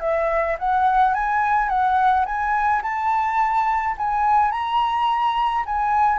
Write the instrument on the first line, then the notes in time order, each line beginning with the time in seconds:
flute
0.00 E5
0.59 F#5
1.14 G#5
1.68 F#5
2.25 G#5
2.82 A5
3.97 G#5
4.51 A#5
5.65 G#5